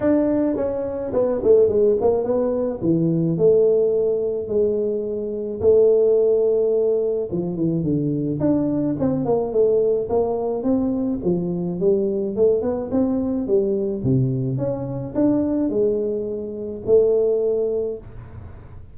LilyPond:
\new Staff \with { instrumentName = "tuba" } { \time 4/4 \tempo 4 = 107 d'4 cis'4 b8 a8 gis8 ais8 | b4 e4 a2 | gis2 a2~ | a4 f8 e8 d4 d'4 |
c'8 ais8 a4 ais4 c'4 | f4 g4 a8 b8 c'4 | g4 c4 cis'4 d'4 | gis2 a2 | }